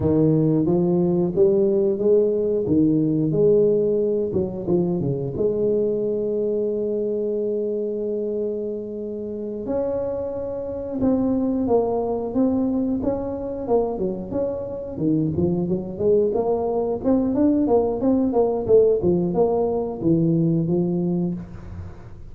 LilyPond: \new Staff \with { instrumentName = "tuba" } { \time 4/4 \tempo 4 = 90 dis4 f4 g4 gis4 | dis4 gis4. fis8 f8 cis8 | gis1~ | gis2~ gis8 cis'4.~ |
cis'8 c'4 ais4 c'4 cis'8~ | cis'8 ais8 fis8 cis'4 dis8 f8 fis8 | gis8 ais4 c'8 d'8 ais8 c'8 ais8 | a8 f8 ais4 e4 f4 | }